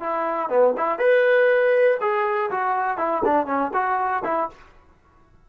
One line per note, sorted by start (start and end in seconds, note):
0.00 0.49 E4
0.49 0.74 B3
0.77 0.99 E4
0.99 1.98 B4
2.01 2.50 G#4
2.51 2.98 F#4
2.98 3.22 E4
3.25 3.46 D4
3.46 3.71 C#4
3.73 4.23 F#4
4.24 4.49 E4